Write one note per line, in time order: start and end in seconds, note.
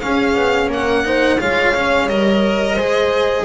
0.00 1.04 C#4
0.00 0.36 C#4
0.00 0.73 G#4
0.00 0.69 F5
0.36 0.67 B3
0.67 1.36 A#3
0.67 1.40 F#5
0.73 1.06 A#4
1.04 1.39 D#4
1.04 1.40 C5
1.40 2.09 G#3
1.40 1.75 F4
1.40 2.75 C#5
1.40 2.08 F5
1.75 2.09 C#4
2.08 2.77 G3
2.08 2.78 A#4
2.08 3.45 D#5
2.75 3.45 G#3
2.75 3.45 G#4
2.75 3.44 C5